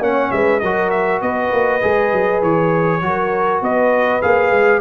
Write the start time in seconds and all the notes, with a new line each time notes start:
0.00 A#3 C#4 C#5 F#5
0.31 G#3 B4 E5
0.60 F#3 F#4 A#4 D#5
0.90 E5
1.22 B3 B4 D#5
1.52 A#3
1.82 G#3 G#4
2.12 F#3
2.42 E3 C#5
3.02 F#3 F#4 A#4
3.62 B3 B4 D#5
4.22 A#3 G#4 F5
4.51 G#3